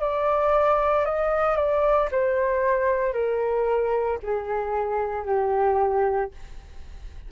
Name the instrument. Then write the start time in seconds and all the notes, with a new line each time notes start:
flute
0.00 D5
1.05 D#5
1.56 D5
2.11 C5
3.13 A#4
4.22 G#4
5.25 G4